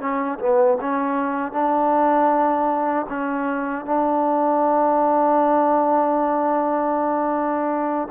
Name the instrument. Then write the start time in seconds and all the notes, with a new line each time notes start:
trombone
0.00 C#4
0.39 B3
0.81 C#4
1.52 D4
3.09 C#4
3.85 D4